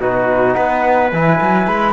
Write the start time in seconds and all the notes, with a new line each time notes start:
0.00 B2 D#4 F#4 B4
0.54 B3 B4 F#5
1.12 E3 E4 G#5
1.42 F#3
1.67 G#3 B5